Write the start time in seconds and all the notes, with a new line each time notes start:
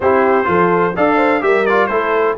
0.00 C4 E4 G4 C5
0.44 F3 F4 A4
0.96 D4 A4 D5 F5
1.16 C5
1.41 G3 G4 A#4 E5
1.66 F4 D5
1.86 A3 E4 A4 C5